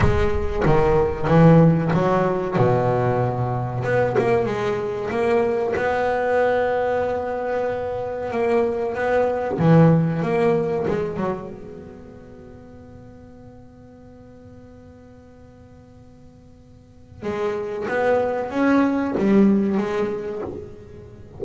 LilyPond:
\new Staff \with { instrumentName = "double bass" } { \time 4/4 \tempo 4 = 94 gis4 dis4 e4 fis4 | b,2 b8 ais8 gis4 | ais4 b2.~ | b4 ais4 b4 e4 |
ais4 gis8 fis8 b2~ | b1~ | b2. gis4 | b4 cis'4 g4 gis4 | }